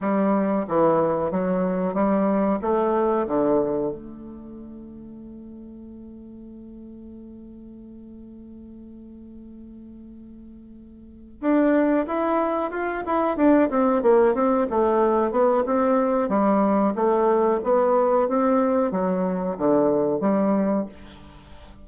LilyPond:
\new Staff \with { instrumentName = "bassoon" } { \time 4/4 \tempo 4 = 92 g4 e4 fis4 g4 | a4 d4 a2~ | a1~ | a1~ |
a4. d'4 e'4 f'8 | e'8 d'8 c'8 ais8 c'8 a4 b8 | c'4 g4 a4 b4 | c'4 fis4 d4 g4 | }